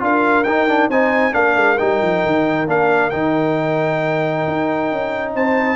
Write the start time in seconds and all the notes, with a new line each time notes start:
0.00 D4 F4 A#4 F5
0.44 D#4 G5
0.69 D4
0.89 C4 D#4 C5 G#5
1.32 A#3 D4 A#4 F5
1.56 G#3
1.78 G3 D#4 G5
2.02 F3
2.26 D#3
2.67 A#3 D4 F5
3.10 D#3 D#4 G5
4.47 D#4
4.91 C#4
5.35 C4 C5 A5